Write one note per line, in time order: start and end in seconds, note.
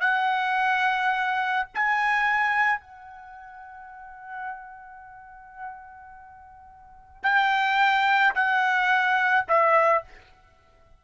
0.00 1.67 F#5
1.74 2.80 G#5
2.80 7.22 F#5
7.22 8.34 G5
8.34 9.45 F#5
9.48 10.03 E5